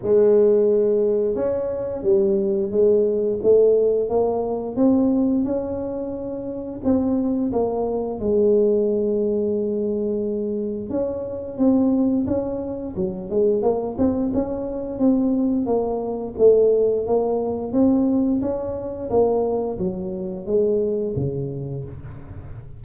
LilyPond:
\new Staff \with { instrumentName = "tuba" } { \time 4/4 \tempo 4 = 88 gis2 cis'4 g4 | gis4 a4 ais4 c'4 | cis'2 c'4 ais4 | gis1 |
cis'4 c'4 cis'4 fis8 gis8 | ais8 c'8 cis'4 c'4 ais4 | a4 ais4 c'4 cis'4 | ais4 fis4 gis4 cis4 | }